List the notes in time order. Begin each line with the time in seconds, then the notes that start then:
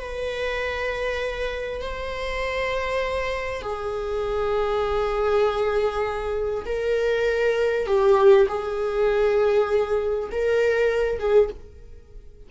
0.00 B4
1.82 C5
3.62 G#4
6.66 A#4
7.87 G4
8.48 G#4
10.32 A#4
11.20 G#4